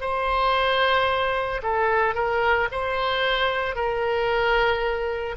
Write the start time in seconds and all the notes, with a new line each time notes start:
0.00 C5
1.62 A4
2.14 A#4
2.71 C5
3.75 A#4